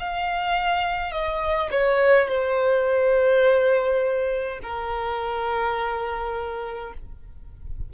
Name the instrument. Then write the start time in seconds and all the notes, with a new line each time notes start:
violin
0.00 F5
1.12 D#5
1.72 C#5
2.29 C5
4.63 A#4